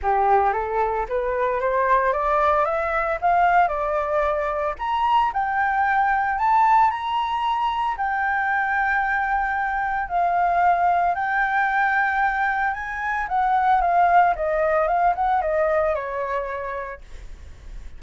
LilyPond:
\new Staff \with { instrumentName = "flute" } { \time 4/4 \tempo 4 = 113 g'4 a'4 b'4 c''4 | d''4 e''4 f''4 d''4~ | d''4 ais''4 g''2 | a''4 ais''2 g''4~ |
g''2. f''4~ | f''4 g''2. | gis''4 fis''4 f''4 dis''4 | f''8 fis''8 dis''4 cis''2 | }